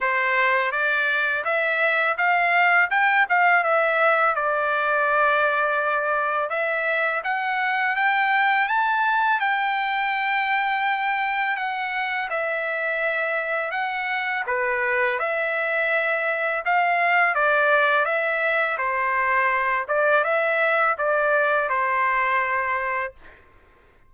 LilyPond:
\new Staff \with { instrumentName = "trumpet" } { \time 4/4 \tempo 4 = 83 c''4 d''4 e''4 f''4 | g''8 f''8 e''4 d''2~ | d''4 e''4 fis''4 g''4 | a''4 g''2. |
fis''4 e''2 fis''4 | b'4 e''2 f''4 | d''4 e''4 c''4. d''8 | e''4 d''4 c''2 | }